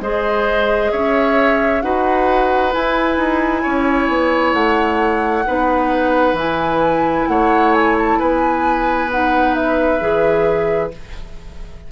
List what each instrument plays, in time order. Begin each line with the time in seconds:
0.00 bassoon G#3, clarinet G#4, oboe C5, flute D#5
0.91 bassoon C#4, oboe C#5, flute E5
1.82 bassoon D#4, clarinet F#4, oboe B4, flute F#5
2.72 clarinet E4, bassoon E4, flute G#5
3.17 bassoon D#4
3.62 bassoon C#4, oboe C#5
4.08 bassoon B3
4.53 bassoon A3, flute F#5
5.47 bassoon B3, clarinet D#4, oboe B4
6.33 bassoon E3, clarinet E4, flute G#5
7.28 bassoon A3, oboe C#5, flute F#5
7.73 flute G#5
7.98 flute A5
8.19 bassoon B3, oboe B4, flute G#5
9.11 clarinet D#4, flute F#5
9.54 flute E5
10.00 bassoon E3, clarinet G#4